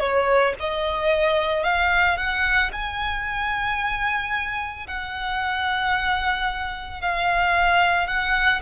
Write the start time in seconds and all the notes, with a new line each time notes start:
0.00 C#5
0.60 D#5
1.64 F5
2.17 F#5
2.72 G#5
4.87 F#5
7.01 F5
8.07 F#5